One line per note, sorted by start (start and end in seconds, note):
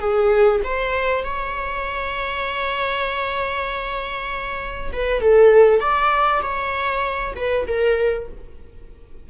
0.00 0.61 G#4
0.64 1.24 C5
1.24 4.92 C#5
4.93 5.21 B4
5.21 5.81 A4
5.81 6.42 D5
6.42 7.34 C#5
7.36 7.66 B4
7.68 8.29 A#4